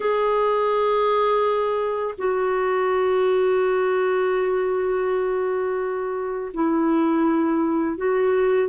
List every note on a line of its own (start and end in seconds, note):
0.00 2.14 G#4
2.18 6.51 F#4
6.53 7.97 E4
7.97 8.68 F#4